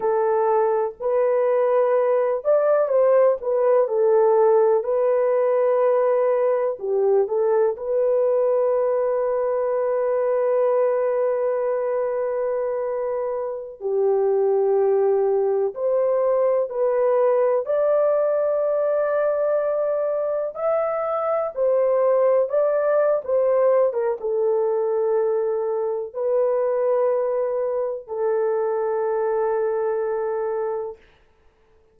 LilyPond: \new Staff \with { instrumentName = "horn" } { \time 4/4 \tempo 4 = 62 a'4 b'4. d''8 c''8 b'8 | a'4 b'2 g'8 a'8 | b'1~ | b'2~ b'16 g'4.~ g'16~ |
g'16 c''4 b'4 d''4.~ d''16~ | d''4~ d''16 e''4 c''4 d''8. | c''8. ais'16 a'2 b'4~ | b'4 a'2. | }